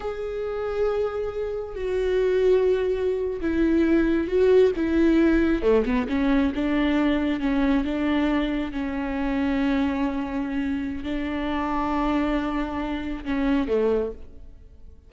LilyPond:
\new Staff \with { instrumentName = "viola" } { \time 4/4 \tempo 4 = 136 gis'1 | fis'2.~ fis'8. e'16~ | e'4.~ e'16 fis'4 e'4~ e'16~ | e'8. a8 b8 cis'4 d'4~ d'16~ |
d'8. cis'4 d'2 cis'16~ | cis'1~ | cis'4 d'2.~ | d'2 cis'4 a4 | }